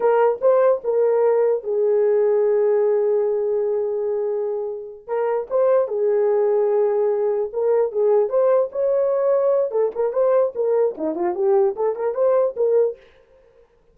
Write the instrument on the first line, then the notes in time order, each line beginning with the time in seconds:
horn
0.00 A#4
0.41 C5
0.84 A#4
1.63 G#4
5.07 A#4
5.50 C5
5.88 G#4
7.53 A#4
7.92 G#4
8.29 C5
8.72 C#5
9.71 A4
9.95 A#4
10.12 C5
10.55 A#4
10.97 D#4
11.15 F4
11.34 G4
11.76 A4
11.95 A#4
12.14 C5
12.56 A#4